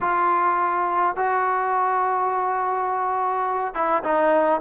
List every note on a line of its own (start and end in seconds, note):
0.00 1.16 F4
1.16 3.74 F#4
3.74 4.03 E4
4.03 4.60 D#4